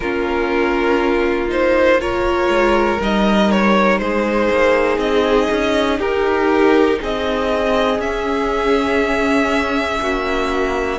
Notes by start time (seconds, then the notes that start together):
0.00 A#3 C#4 F4 A#4
1.48 D#4 C5
1.99 F4 A#4 C#5
2.48 G#3
3.00 G3 D#4 D#5
3.51 C#5
3.98 G#3 G#4 C5
4.50 A#3
4.97 C4 D#5
5.50 C#4
5.98 D#4 G4 A#4
7.00 C4 G#4 D#5
7.99 C#4 E5
10.00 A#3 F#4